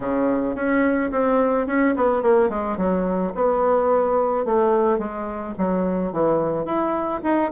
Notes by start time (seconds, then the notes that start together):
0.00 C#3
0.55 C#4
1.11 C4
1.66 C#4
1.95 B3
2.22 A#3
2.49 G#3
2.77 F#3
3.34 B3
4.45 A3
4.98 G#3
5.57 F#3
6.12 E3
6.65 E4
7.23 D#4